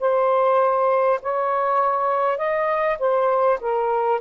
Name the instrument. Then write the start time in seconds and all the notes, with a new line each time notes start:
saxophone
0.00 C5
1.22 C#5
2.38 D#5
2.99 C5
3.61 A#4